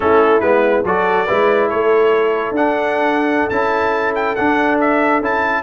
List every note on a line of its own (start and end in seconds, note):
0.00 0.41 A3
0.00 0.41 C#4
0.00 0.85 E4
0.00 0.40 A4
0.40 0.83 G#3
0.40 0.84 B3
0.40 0.83 B4
0.84 1.27 F#3
0.84 1.27 F#4
0.84 1.26 A4
0.84 1.69 D5
1.26 1.71 G#3
1.26 2.55 E4
1.26 1.69 B4
1.69 2.51 A3
1.69 5.62 A4
1.69 2.54 C#5
2.51 3.46 D4
2.51 3.51 D4
2.51 3.49 F#5
3.49 4.36 C#4
3.49 4.36 E4
3.49 4.13 A5
4.15 4.35 G5
4.35 5.22 D4
4.35 5.20 D4
4.35 4.78 F#5
4.80 5.22 E5
5.20 5.62 C#4
5.20 5.62 E4
5.20 5.62 A5